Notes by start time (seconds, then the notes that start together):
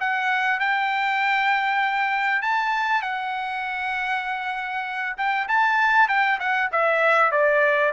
0.00 F#5
0.60 G5
2.42 A5
3.02 F#5
5.17 G5
5.48 A5
6.08 G5
6.40 F#5
6.72 E5
7.32 D5